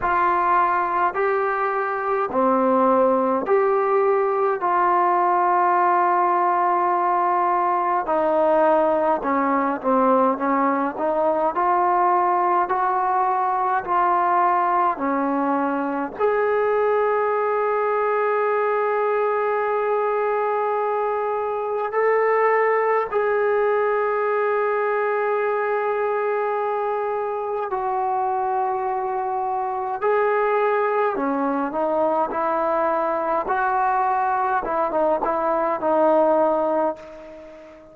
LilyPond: \new Staff \with { instrumentName = "trombone" } { \time 4/4 \tempo 4 = 52 f'4 g'4 c'4 g'4 | f'2. dis'4 | cis'8 c'8 cis'8 dis'8 f'4 fis'4 | f'4 cis'4 gis'2~ |
gis'2. a'4 | gis'1 | fis'2 gis'4 cis'8 dis'8 | e'4 fis'4 e'16 dis'16 e'8 dis'4 | }